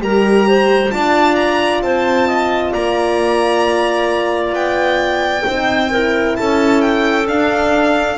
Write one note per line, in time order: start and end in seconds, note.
0.00 0.91 G3
0.00 0.90 G4
0.00 0.48 A#4
0.00 0.91 A#5
0.48 0.93 C5
0.90 1.82 D4
0.90 5.45 F4
0.90 1.84 D5
0.90 1.35 A5
1.35 1.81 A#5
1.82 2.73 C4
1.82 2.27 C5
1.82 2.73 A5
2.27 2.72 D#5
2.72 4.53 A#3
2.72 5.45 D5
2.72 4.54 A#5
4.53 5.44 B3
4.53 6.36 G5
5.46 6.38 C4
5.46 5.91 D#4
5.46 5.91 C5
5.91 7.27 E4
5.91 6.37 A#4
6.36 7.28 C#4
6.36 8.18 A4
6.36 6.81 A5
6.81 7.27 G5
7.27 8.18 D4
7.27 8.18 F5